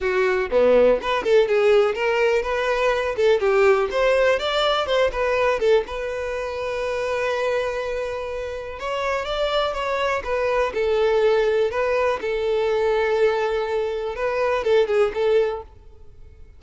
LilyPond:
\new Staff \with { instrumentName = "violin" } { \time 4/4 \tempo 4 = 123 fis'4 b4 b'8 a'8 gis'4 | ais'4 b'4. a'8 g'4 | c''4 d''4 c''8 b'4 a'8 | b'1~ |
b'2 cis''4 d''4 | cis''4 b'4 a'2 | b'4 a'2.~ | a'4 b'4 a'8 gis'8 a'4 | }